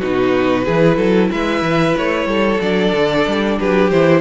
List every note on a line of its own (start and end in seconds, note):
0.00 0.68 B2
0.00 0.65 D#4
0.00 0.65 F#4
0.00 1.31 B4
0.65 0.97 E3
0.65 2.61 E4
0.65 0.97 G#4
0.97 1.30 F#3
0.97 1.29 A4
1.32 1.62 G#3
1.32 2.28 B4
1.32 1.97 E5
1.62 1.95 E3
1.98 2.26 A3
1.98 2.61 C#5
2.26 2.59 G3
2.26 3.58 A4
2.61 2.93 F#3
2.61 3.92 D4
2.61 3.59 D5
2.93 3.26 D3
3.28 3.60 G3
3.60 3.92 F#3
3.60 4.22 G4
3.60 3.90 B4
3.90 4.22 E3
3.90 4.22 E4
3.90 4.22 C5